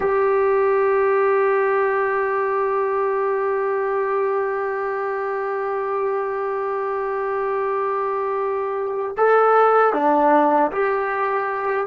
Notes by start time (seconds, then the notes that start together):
0.00 G4
9.17 A4
9.93 D4
10.71 G4